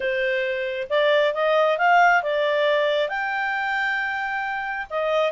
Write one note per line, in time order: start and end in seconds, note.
0.00 0.87 C5
0.89 1.33 D5
1.33 1.78 D#5
1.78 2.22 F5
2.22 3.08 D5
3.08 4.86 G5
4.89 5.32 D#5